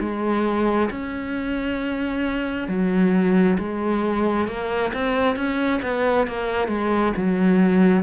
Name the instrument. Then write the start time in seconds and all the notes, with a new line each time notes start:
cello
0.00 G#3
0.91 C#4
2.68 F#3
3.59 G#3
4.48 A#3
4.94 C4
5.36 C#4
5.82 B3
6.27 A#3
6.68 G#3
7.16 F#3